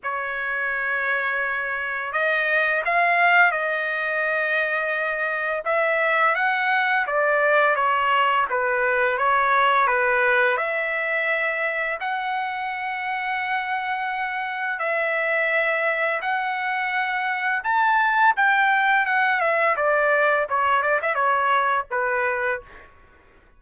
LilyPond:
\new Staff \with { instrumentName = "trumpet" } { \time 4/4 \tempo 4 = 85 cis''2. dis''4 | f''4 dis''2. | e''4 fis''4 d''4 cis''4 | b'4 cis''4 b'4 e''4~ |
e''4 fis''2.~ | fis''4 e''2 fis''4~ | fis''4 a''4 g''4 fis''8 e''8 | d''4 cis''8 d''16 e''16 cis''4 b'4 | }